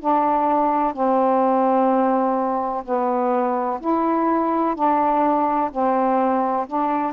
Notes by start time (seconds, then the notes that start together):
0.00 D4
0.93 C4
2.85 B3
3.80 E4
4.75 D4
5.71 C4
6.67 D4